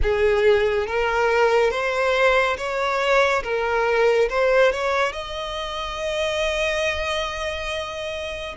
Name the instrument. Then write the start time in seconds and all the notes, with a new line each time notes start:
violin
0.02 G#4
0.86 A#4
1.71 C5
2.57 C#5
3.43 A#4
4.29 C5
4.71 C#5
5.12 D#5